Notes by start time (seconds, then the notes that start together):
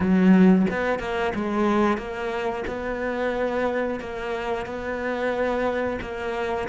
0.00 F#3
0.70 B3
0.99 A#3
1.35 G#3
1.97 A#3
2.67 B3
3.99 A#3
4.65 B3
6.01 A#3